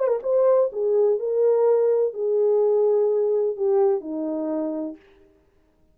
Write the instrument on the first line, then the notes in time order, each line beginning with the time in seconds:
horn
0.00 C5
0.08 A#4
0.23 C5
0.73 G#4
1.19 A#4
2.14 G#4
3.57 G4
4.01 D#4